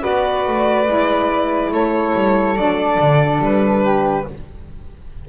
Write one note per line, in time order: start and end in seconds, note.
0.00 0.47 B3
0.00 0.85 F#4
0.00 1.71 B4
0.00 1.73 D5
0.47 0.88 A3
0.86 1.71 G#3
0.86 2.55 E4
1.71 2.13 A3
1.71 3.83 A4
1.71 2.57 C#5
2.14 2.56 G3
2.56 2.98 F#3
2.56 4.26 D4
2.56 3.42 D5
3.00 3.39 D3
3.39 4.24 G3
3.39 4.29 B4
3.83 4.26 G4